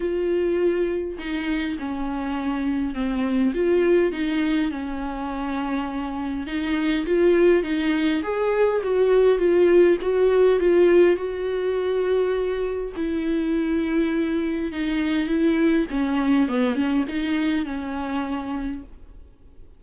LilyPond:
\new Staff \with { instrumentName = "viola" } { \time 4/4 \tempo 4 = 102 f'2 dis'4 cis'4~ | cis'4 c'4 f'4 dis'4 | cis'2. dis'4 | f'4 dis'4 gis'4 fis'4 |
f'4 fis'4 f'4 fis'4~ | fis'2 e'2~ | e'4 dis'4 e'4 cis'4 | b8 cis'8 dis'4 cis'2 | }